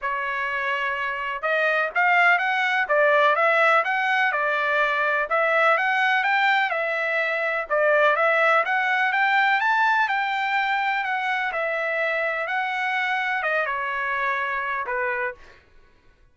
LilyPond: \new Staff \with { instrumentName = "trumpet" } { \time 4/4 \tempo 4 = 125 cis''2. dis''4 | f''4 fis''4 d''4 e''4 | fis''4 d''2 e''4 | fis''4 g''4 e''2 |
d''4 e''4 fis''4 g''4 | a''4 g''2 fis''4 | e''2 fis''2 | dis''8 cis''2~ cis''8 b'4 | }